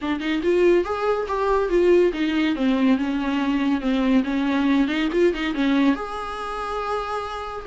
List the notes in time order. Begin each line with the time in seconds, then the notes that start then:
0.01 D4
0.20 D#4
0.42 F4
0.84 G#4
1.27 G4
1.69 F4
2.13 D#4
2.55 C4
2.97 C#4
3.80 C4
4.24 C#4
4.87 D#4
5.12 F4
5.33 D#4
5.54 C#4
5.95 G#4